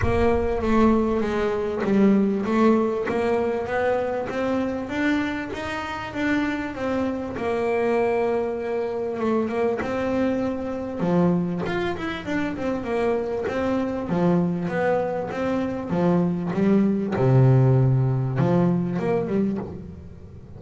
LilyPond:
\new Staff \with { instrumentName = "double bass" } { \time 4/4 \tempo 4 = 98 ais4 a4 gis4 g4 | a4 ais4 b4 c'4 | d'4 dis'4 d'4 c'4 | ais2. a8 ais8 |
c'2 f4 f'8 e'8 | d'8 c'8 ais4 c'4 f4 | b4 c'4 f4 g4 | c2 f4 ais8 g8 | }